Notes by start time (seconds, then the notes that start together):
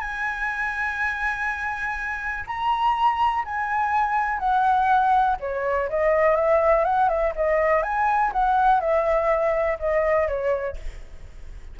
0.00 G#5
2.47 A#5
3.45 G#5
4.39 F#5
5.40 C#5
5.89 D#5
6.35 E5
6.84 F#5
7.09 E5
7.35 D#5
7.83 G#5
8.32 F#5
8.80 E5
9.79 D#5
10.27 C#5